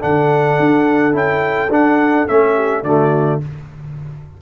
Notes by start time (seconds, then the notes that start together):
0.00 D3 D4 A4 F#5
0.60 D4
1.12 C#4 E4 G5
1.69 D4 F#5
2.28 A3 C#4 E5
2.54 G4
2.83 D3 A3 F#4 D5